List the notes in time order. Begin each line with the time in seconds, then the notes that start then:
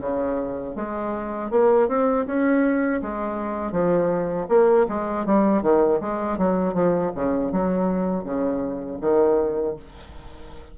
0.00 C#3
0.75 G#3
1.50 A#3
1.88 C4
2.26 C#4
3.01 G#3
3.72 F3
4.48 A#3
4.88 G#3
5.25 G3
5.62 D#3
6.00 G#3
6.38 F#3
6.73 F3
7.15 C#3
7.51 F#3
8.24 C#3
9.01 D#3